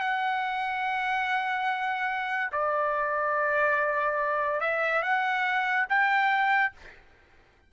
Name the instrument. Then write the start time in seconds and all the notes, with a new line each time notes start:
trumpet
0.00 F#5
2.52 D5
4.61 E5
5.02 F#5
5.89 G5